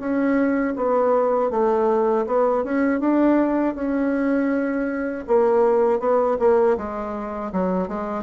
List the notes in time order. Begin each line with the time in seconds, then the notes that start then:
0.00 C#4
0.76 B3
1.51 A3
2.27 B3
2.64 C#4
3.00 D4
3.75 C#4
5.27 A#3
6.00 B3
6.40 A#3
6.77 G#3
7.53 F#3
7.88 G#3